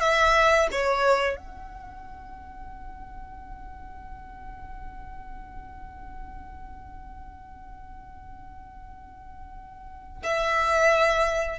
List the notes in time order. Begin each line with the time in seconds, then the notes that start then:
0.00 E5
0.72 C#5
1.36 F#5
10.23 E5